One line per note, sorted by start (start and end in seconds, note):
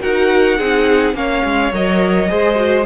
0.00 0.59 D#4
0.00 0.57 F#4
0.00 0.58 A#4
0.00 1.16 F#5
0.58 1.14 C4
0.58 1.14 D#4
0.58 1.15 G#4
1.14 1.42 A#3
1.14 1.72 C#4
1.14 2.30 C#5
1.14 1.73 F5
1.45 1.72 G#3
1.72 2.30 F#3
1.72 2.29 A#4
1.72 2.86 D#5
2.29 2.86 G#3
2.29 2.56 G#4
2.29 2.86 C5
2.56 2.84 F#4